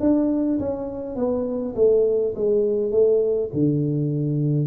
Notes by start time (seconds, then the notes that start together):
0.00 D4
0.59 C#4
1.16 B3
1.75 A3
2.35 G#3
2.91 A3
3.53 D3